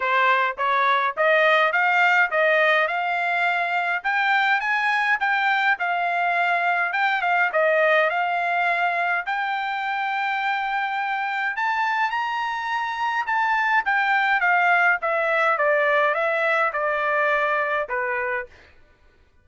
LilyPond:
\new Staff \with { instrumentName = "trumpet" } { \time 4/4 \tempo 4 = 104 c''4 cis''4 dis''4 f''4 | dis''4 f''2 g''4 | gis''4 g''4 f''2 | g''8 f''8 dis''4 f''2 |
g''1 | a''4 ais''2 a''4 | g''4 f''4 e''4 d''4 | e''4 d''2 b'4 | }